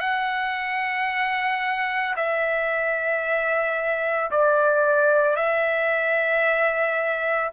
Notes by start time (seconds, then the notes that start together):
0.00 F#5
2.16 E5
4.31 D5
5.36 E5